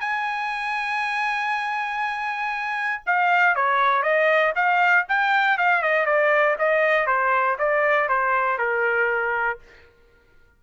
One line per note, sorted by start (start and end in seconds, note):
0.00 3.03 G#5
3.06 3.55 F5
3.55 4.02 C#5
4.02 4.53 D#5
4.55 5.05 F5
5.08 5.58 G5
5.58 5.82 F5
5.82 6.05 D#5
6.05 6.56 D5
6.58 7.06 D#5
7.06 7.57 C5
7.58 8.08 D5
8.08 8.58 C5
8.58 9.59 A#4